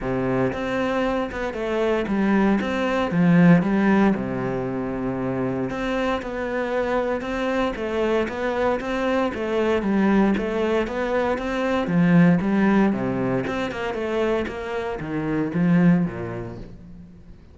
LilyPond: \new Staff \with { instrumentName = "cello" } { \time 4/4 \tempo 4 = 116 c4 c'4. b8 a4 | g4 c'4 f4 g4 | c2. c'4 | b2 c'4 a4 |
b4 c'4 a4 g4 | a4 b4 c'4 f4 | g4 c4 c'8 ais8 a4 | ais4 dis4 f4 ais,4 | }